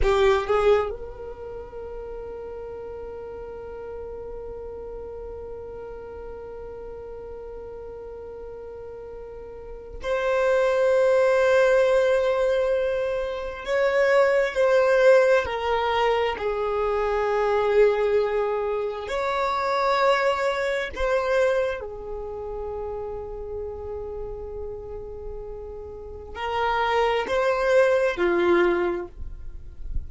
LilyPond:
\new Staff \with { instrumentName = "violin" } { \time 4/4 \tempo 4 = 66 g'8 gis'8 ais'2.~ | ais'1~ | ais'2. c''4~ | c''2. cis''4 |
c''4 ais'4 gis'2~ | gis'4 cis''2 c''4 | gis'1~ | gis'4 ais'4 c''4 f'4 | }